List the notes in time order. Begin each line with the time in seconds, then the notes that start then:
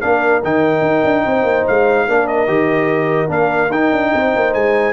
0.00 A#3 D4 A#4 F5
0.43 D#3 D#4 G5
0.81 D#4
1.04 D4
1.25 C4 C5
1.43 A#3
1.67 G#3 F5
2.05 A#3 D4 A#4
2.27 D#5
2.47 D#3 G4
3.27 A#3 D4 F5
3.70 D#4 G5
3.92 D4
4.13 C4 C5
4.35 A#3
4.53 G#3 G#5